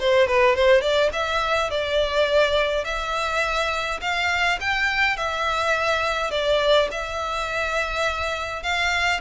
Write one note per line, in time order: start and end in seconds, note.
0.00 0.28 C5
0.28 0.56 B4
0.56 0.82 C5
0.82 1.11 D5
1.13 1.71 E5
1.71 2.85 D5
2.85 4.00 E5
4.02 4.59 F5
4.61 5.17 G5
5.17 6.31 E5
6.31 6.89 D5
6.92 8.63 E5
8.63 9.21 F5